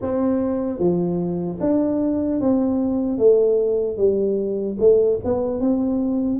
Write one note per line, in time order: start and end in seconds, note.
0.01 0.79 C4
0.79 1.59 F3
1.60 2.40 D4
2.40 3.18 C4
3.18 3.97 A3
3.97 4.77 G3
4.79 5.19 A3
5.24 5.60 B3
5.60 6.39 C4